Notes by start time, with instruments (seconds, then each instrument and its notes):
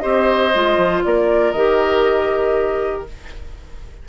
0.00 bassoon C4, clarinet G4, oboe C5, flute D#5
0.55 bassoon G#3, clarinet F4
0.78 bassoon F3
1.04 bassoon A#3, oboe A#4, flute D5
1.52 bassoon D#3, clarinet G4, flute D#5